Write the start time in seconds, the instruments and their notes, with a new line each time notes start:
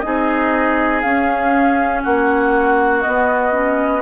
0.00 bassoon C4, clarinet D#4, oboe G#4, flute D#5
1.01 bassoon C#4, clarinet C#4, flute F5
2.03 bassoon A#3, oboe F#4, flute F#5
3.01 clarinet B3, bassoon B3, flute D#5
3.52 clarinet C#4